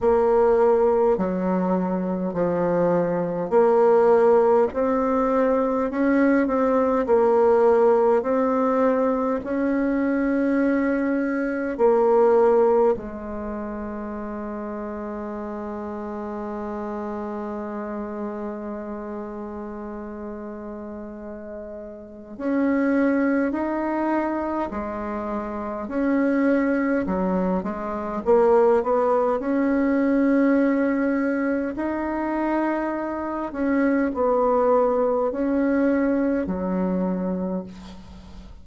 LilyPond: \new Staff \with { instrumentName = "bassoon" } { \time 4/4 \tempo 4 = 51 ais4 fis4 f4 ais4 | c'4 cis'8 c'8 ais4 c'4 | cis'2 ais4 gis4~ | gis1~ |
gis2. cis'4 | dis'4 gis4 cis'4 fis8 gis8 | ais8 b8 cis'2 dis'4~ | dis'8 cis'8 b4 cis'4 fis4 | }